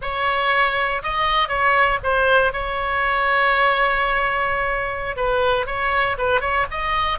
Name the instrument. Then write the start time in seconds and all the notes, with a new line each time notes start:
oboe
0.01 C#5
1.02 D#5
1.48 C#5
2.03 C5
2.52 C#5
5.16 B4
5.66 C#5
6.18 B4
6.41 C#5
6.71 D#5